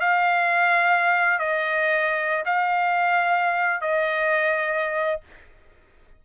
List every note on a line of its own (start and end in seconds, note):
0.00 1.39 F5
1.39 2.44 D#5
2.45 3.81 F5
3.81 5.20 D#5